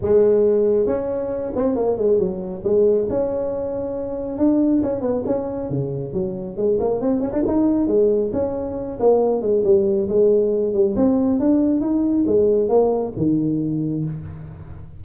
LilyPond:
\new Staff \with { instrumentName = "tuba" } { \time 4/4 \tempo 4 = 137 gis2 cis'4. c'8 | ais8 gis8 fis4 gis4 cis'4~ | cis'2 d'4 cis'8 b8 | cis'4 cis4 fis4 gis8 ais8 |
c'8 cis'16 d'16 dis'4 gis4 cis'4~ | cis'8 ais4 gis8 g4 gis4~ | gis8 g8 c'4 d'4 dis'4 | gis4 ais4 dis2 | }